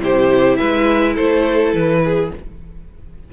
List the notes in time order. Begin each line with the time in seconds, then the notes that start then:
0.00 C3 E4 G4 C5
0.57 G#3 B4 E5
1.15 A3 A4 C5
1.73 E3 B4
2.04 G#4